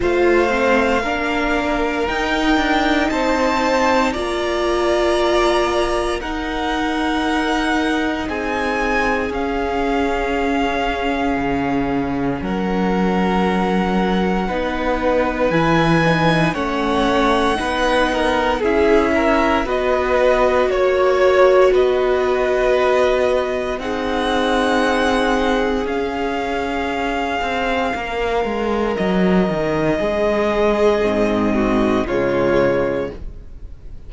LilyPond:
<<
  \new Staff \with { instrumentName = "violin" } { \time 4/4 \tempo 4 = 58 f''2 g''4 a''4 | ais''2 fis''2 | gis''4 f''2. | fis''2. gis''4 |
fis''2 e''4 dis''4 | cis''4 dis''2 fis''4~ | fis''4 f''2. | dis''2. cis''4 | }
  \new Staff \with { instrumentName = "violin" } { \time 4/4 c''4 ais'2 c''4 | d''2 ais'2 | gis'1 | ais'2 b'2 |
cis''4 b'8 ais'8 gis'8 ais'8 b'4 | cis''4 b'2 gis'4~ | gis'2. ais'4~ | ais'4 gis'4. fis'8 f'4 | }
  \new Staff \with { instrumentName = "viola" } { \time 4/4 f'8 c'8 d'4 dis'2 | f'2 dis'2~ | dis'4 cis'2.~ | cis'2 dis'4 e'8 dis'8 |
cis'4 dis'4 e'4 fis'4~ | fis'2. dis'4~ | dis'4 cis'2.~ | cis'2 c'4 gis4 | }
  \new Staff \with { instrumentName = "cello" } { \time 4/4 a4 ais4 dis'8 d'8 c'4 | ais2 dis'2 | c'4 cis'2 cis4 | fis2 b4 e4 |
a4 b4 cis'4 b4 | ais4 b2 c'4~ | c'4 cis'4. c'8 ais8 gis8 | fis8 dis8 gis4 gis,4 cis4 | }
>>